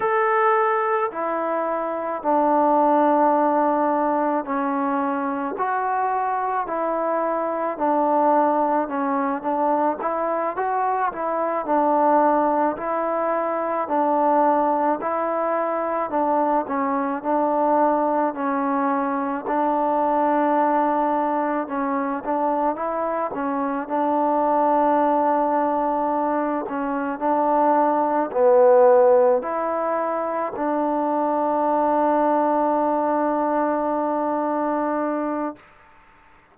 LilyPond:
\new Staff \with { instrumentName = "trombone" } { \time 4/4 \tempo 4 = 54 a'4 e'4 d'2 | cis'4 fis'4 e'4 d'4 | cis'8 d'8 e'8 fis'8 e'8 d'4 e'8~ | e'8 d'4 e'4 d'8 cis'8 d'8~ |
d'8 cis'4 d'2 cis'8 | d'8 e'8 cis'8 d'2~ d'8 | cis'8 d'4 b4 e'4 d'8~ | d'1 | }